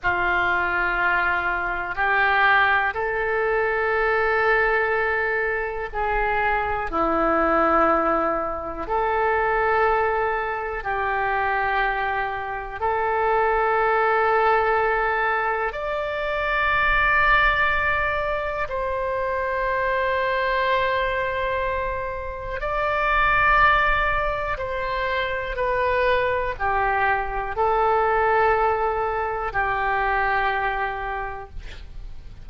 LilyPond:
\new Staff \with { instrumentName = "oboe" } { \time 4/4 \tempo 4 = 61 f'2 g'4 a'4~ | a'2 gis'4 e'4~ | e'4 a'2 g'4~ | g'4 a'2. |
d''2. c''4~ | c''2. d''4~ | d''4 c''4 b'4 g'4 | a'2 g'2 | }